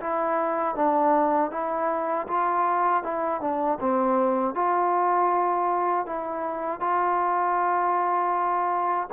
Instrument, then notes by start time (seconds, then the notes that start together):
trombone
0.00 E4
0.75 D4
1.51 E4
2.27 F4
3.03 E4
3.40 D4
3.80 C4
4.54 F4
6.06 E4
6.80 F4